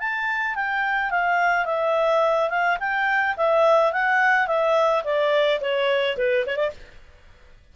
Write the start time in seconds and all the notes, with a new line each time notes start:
0.00 A5
0.55 G5
1.10 F5
1.65 E5
2.50 F5
2.80 G5
3.37 E5
3.93 F#5
4.47 E5
5.04 D5
5.61 C#5
6.17 B4
6.47 C#5
6.57 D5